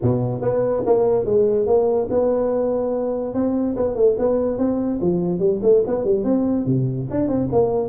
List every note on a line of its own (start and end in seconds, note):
0.02 0.41 B2
0.41 0.83 B3
0.86 1.25 A#3
1.25 1.66 G#3
1.66 2.08 A#3
2.10 3.34 B3
3.34 3.75 C4
3.76 3.95 B3
3.95 4.16 A3
4.18 4.58 B3
4.58 4.99 C4
5.01 5.39 F3
5.39 5.60 G3
5.62 5.83 A3
5.86 6.04 B3
6.04 6.24 G3
6.24 6.65 C4
6.65 7.07 C3
7.10 7.28 D4
7.28 7.48 C4
7.52 7.88 A#3